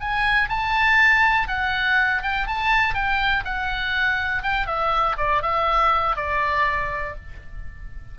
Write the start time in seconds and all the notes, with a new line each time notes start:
0.00 G#5
0.49 A5
1.47 F#5
2.22 G5
2.47 A5
2.94 G5
3.44 F#5
4.42 G5
4.66 E5
5.17 D5
5.42 E5
6.16 D5